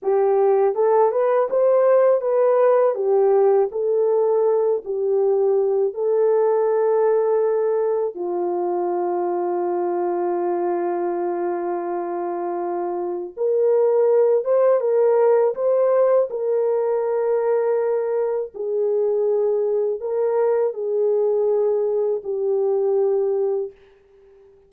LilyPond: \new Staff \with { instrumentName = "horn" } { \time 4/4 \tempo 4 = 81 g'4 a'8 b'8 c''4 b'4 | g'4 a'4. g'4. | a'2. f'4~ | f'1~ |
f'2 ais'4. c''8 | ais'4 c''4 ais'2~ | ais'4 gis'2 ais'4 | gis'2 g'2 | }